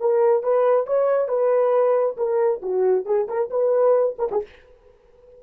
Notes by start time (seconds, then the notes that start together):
0.00 A#4
0.43 B4
0.86 C#5
1.28 B4
2.17 A#4
2.62 F#4
3.05 G#4
3.27 A#4
3.50 B4
4.18 A#4
4.31 G#4